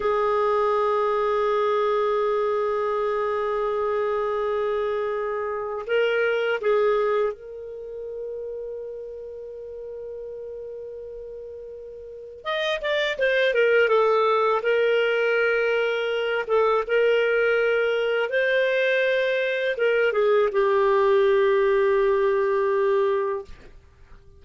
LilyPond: \new Staff \with { instrumentName = "clarinet" } { \time 4/4 \tempo 4 = 82 gis'1~ | gis'1 | ais'4 gis'4 ais'2~ | ais'1~ |
ais'4 dis''8 d''8 c''8 ais'8 a'4 | ais'2~ ais'8 a'8 ais'4~ | ais'4 c''2 ais'8 gis'8 | g'1 | }